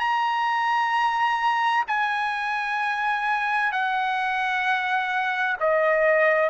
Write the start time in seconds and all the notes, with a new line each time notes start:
0.00 A#5
1.88 G#5
3.73 F#5
5.61 D#5